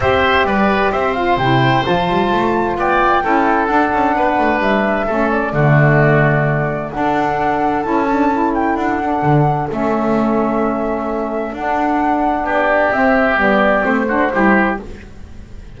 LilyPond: <<
  \new Staff \with { instrumentName = "flute" } { \time 4/4 \tempo 4 = 130 e''4 d''4 e''8 f''8 g''4 | a''2 g''2 | fis''2 e''4. d''8~ | d''2. fis''4~ |
fis''4 a''4. g''8 fis''4~ | fis''4 e''2.~ | e''4 fis''2 d''4 | e''4 d''4 c''2 | }
  \new Staff \with { instrumentName = "oboe" } { \time 4/4 c''4 b'4 c''2~ | c''2 d''4 a'4~ | a'4 b'2 a'4 | fis'2. a'4~ |
a'1~ | a'1~ | a'2. g'4~ | g'2~ g'8 fis'8 g'4 | }
  \new Staff \with { instrumentName = "saxophone" } { \time 4/4 g'2~ g'8 f'8 e'4 | f'2. e'4 | d'2. cis'4 | a2. d'4~ |
d'4 e'8 d'8 e'4. d'8~ | d'4 cis'2.~ | cis'4 d'2. | c'4 b4 c'8 d'8 e'4 | }
  \new Staff \with { instrumentName = "double bass" } { \time 4/4 c'4 g4 c'4 c4 | f8 g8 a4 b4 cis'4 | d'8 cis'8 b8 a8 g4 a4 | d2. d'4~ |
d'4 cis'2 d'4 | d4 a2.~ | a4 d'2 b4 | c'4 g4 a4 g4 | }
>>